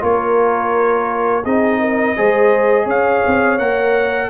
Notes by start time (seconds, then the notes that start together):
0.00 A#3 F4 A#4 C#5
1.44 C4 D#4 G#4 D#5
1.80 A#4
2.16 G#3 G#4 C5
2.85 C#4 C#5 F5
3.26 C4
3.58 A#3 A#4 F#5